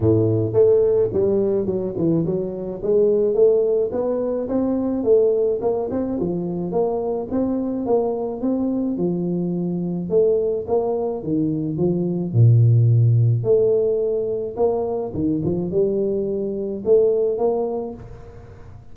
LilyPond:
\new Staff \with { instrumentName = "tuba" } { \time 4/4 \tempo 4 = 107 a,4 a4 g4 fis8 e8 | fis4 gis4 a4 b4 | c'4 a4 ais8 c'8 f4 | ais4 c'4 ais4 c'4 |
f2 a4 ais4 | dis4 f4 ais,2 | a2 ais4 dis8 f8 | g2 a4 ais4 | }